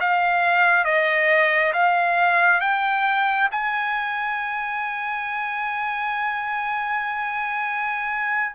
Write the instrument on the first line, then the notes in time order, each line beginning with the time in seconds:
trumpet
0.00 F5
0.84 D#5
1.73 F5
2.61 G5
3.51 G#5